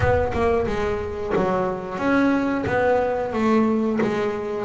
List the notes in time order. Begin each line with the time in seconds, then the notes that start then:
0.00 B3
0.33 A#3
0.66 G#3
1.35 F#3
1.98 C#4
2.66 B3
3.32 A3
4.01 G#3